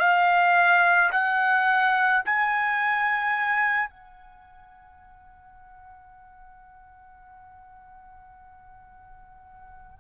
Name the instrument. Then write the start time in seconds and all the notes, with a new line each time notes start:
trumpet
0.00 F5
1.12 F#5
2.25 G#5
3.90 F#5